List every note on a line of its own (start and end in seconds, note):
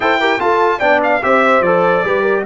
0.00 0.40 E4
0.00 0.18 A4
0.00 0.20 C5
0.00 0.40 G5
0.20 0.39 G4
0.20 0.40 A#4
0.39 0.80 F4
0.39 0.81 F4
0.39 0.78 A4
0.39 0.79 A5
0.78 1.22 B3
0.78 1.21 D4
0.78 1.19 D5
0.78 1.00 G5
1.03 1.23 F5
1.22 1.60 C4
1.22 1.63 G4
1.22 2.05 C5
1.22 1.62 E5
1.60 2.01 F3
1.60 2.05 A4
1.60 2.44 D5
2.04 2.45 G3
2.04 2.45 G4
2.04 2.21 B4
2.21 2.41 A#4